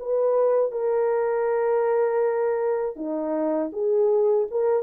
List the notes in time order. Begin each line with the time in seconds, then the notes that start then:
0.00 B4
0.72 A#4
2.96 D#4
3.73 G#4
4.51 A#4